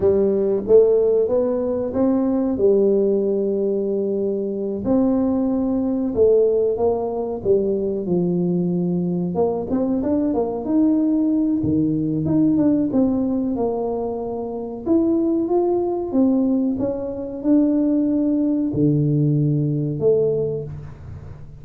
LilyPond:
\new Staff \with { instrumentName = "tuba" } { \time 4/4 \tempo 4 = 93 g4 a4 b4 c'4 | g2.~ g8 c'8~ | c'4. a4 ais4 g8~ | g8 f2 ais8 c'8 d'8 |
ais8 dis'4. dis4 dis'8 d'8 | c'4 ais2 e'4 | f'4 c'4 cis'4 d'4~ | d'4 d2 a4 | }